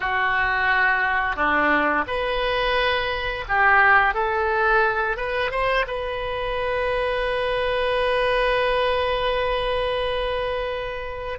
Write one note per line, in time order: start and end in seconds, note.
0.00 1.35 F#4
1.35 2.04 D4
2.07 3.45 B4
3.48 4.14 G4
4.14 5.16 A4
5.16 5.51 B4
5.51 5.85 C5
5.87 11.38 B4